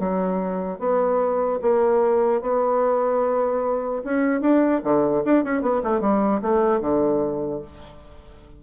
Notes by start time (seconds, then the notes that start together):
0.00 F#3
0.79 B3
1.62 A#3
2.42 B3
4.05 C#4
4.41 D4
4.84 D3
5.26 D4
5.45 C#4
5.62 B3
5.84 A3
6.01 G3
6.42 A3
6.81 D3